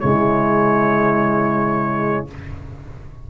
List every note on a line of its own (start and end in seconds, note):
0.00 2.31 C#3
0.00 2.28 G#3
0.00 2.29 E4
0.00 2.26 C#5